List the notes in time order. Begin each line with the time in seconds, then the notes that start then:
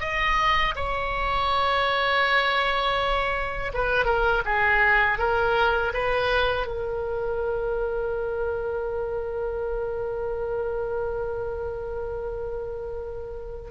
0.00 D#5
0.75 C#5
3.73 B4
4.05 A#4
4.45 G#4
5.18 A#4
5.93 B4
6.66 A#4